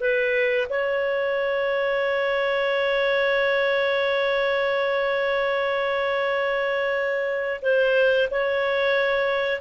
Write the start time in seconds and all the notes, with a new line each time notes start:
0.00 B4
0.69 C#5
7.61 C5
8.30 C#5